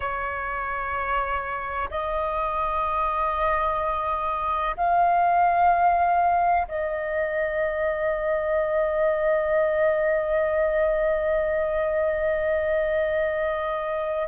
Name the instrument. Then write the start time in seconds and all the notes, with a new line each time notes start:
flute
0.00 C#5
1.90 D#5
4.76 F5
6.68 D#5